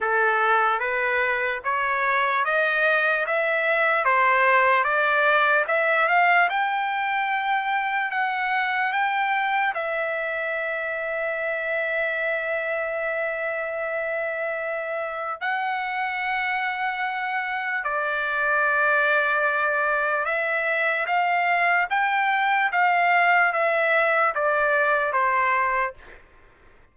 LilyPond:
\new Staff \with { instrumentName = "trumpet" } { \time 4/4 \tempo 4 = 74 a'4 b'4 cis''4 dis''4 | e''4 c''4 d''4 e''8 f''8 | g''2 fis''4 g''4 | e''1~ |
e''2. fis''4~ | fis''2 d''2~ | d''4 e''4 f''4 g''4 | f''4 e''4 d''4 c''4 | }